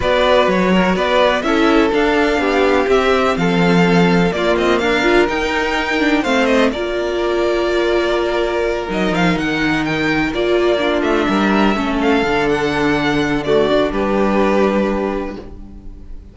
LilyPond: <<
  \new Staff \with { instrumentName = "violin" } { \time 4/4 \tempo 4 = 125 d''4 cis''4 d''4 e''4 | f''2 e''4 f''4~ | f''4 d''8 dis''8 f''4 g''4~ | g''4 f''8 dis''8 d''2~ |
d''2~ d''8 dis''8 f''8 fis''8~ | fis''8 g''4 d''4. e''4~ | e''4 f''4 fis''2 | d''4 b'2. | }
  \new Staff \with { instrumentName = "violin" } { \time 4/4 b'4. ais'8 b'4 a'4~ | a'4 g'2 a'4~ | a'4 f'4 ais'2~ | ais'4 c''4 ais'2~ |
ais'1~ | ais'2~ ais'8 f'4 ais'8~ | ais'8 a'2.~ a'8 | fis'4 g'2. | }
  \new Staff \with { instrumentName = "viola" } { \time 4/4 fis'2. e'4 | d'2 c'2~ | c'4 ais4. f'8 dis'4~ | dis'8 d'8 c'4 f'2~ |
f'2~ f'8 dis'4.~ | dis'4. f'4 d'4.~ | d'8 cis'4 d'2~ d'8 | a8 d'2.~ d'8 | }
  \new Staff \with { instrumentName = "cello" } { \time 4/4 b4 fis4 b4 cis'4 | d'4 b4 c'4 f4~ | f4 ais8 c'8 d'4 dis'4~ | dis'4 a4 ais2~ |
ais2~ ais8 fis8 f8 dis8~ | dis4. ais4. a8 g8~ | g8 a4 d2~ d8~ | d4 g2. | }
>>